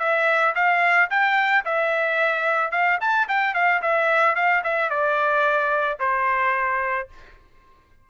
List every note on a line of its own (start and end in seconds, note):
0.00 0.55 E5
0.56 1.10 F5
1.11 1.65 G5
1.65 2.72 E5
2.72 2.99 F5
3.01 3.28 A5
3.29 3.55 G5
3.55 3.82 F5
3.82 4.36 E5
4.36 4.63 F5
4.64 4.90 E5
4.90 6.00 D5
6.00 7.09 C5